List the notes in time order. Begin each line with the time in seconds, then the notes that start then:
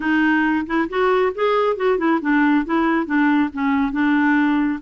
0.00 D#4
0.66 E4
0.89 F#4
1.35 G#4
1.76 F#4
1.98 E4
2.21 D4
2.65 E4
3.06 D4
3.53 C#4
3.92 D4